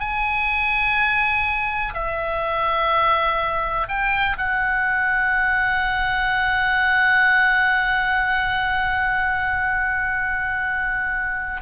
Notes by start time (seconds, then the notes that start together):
0.00 G#5
1.94 E5
3.88 G5
4.38 F#5